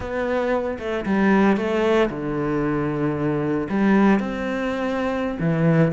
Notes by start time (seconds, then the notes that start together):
0.00 B3
0.78 A3
1.05 G3
1.56 A3
2.10 D3
3.69 G3
4.19 C4
5.39 E3